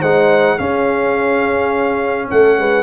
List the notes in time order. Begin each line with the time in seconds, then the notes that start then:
0.00 G#3 D#4 C5 F#5
0.59 C#4 G#4 F5
2.30 A3 A4 F#5
2.58 G#3 B4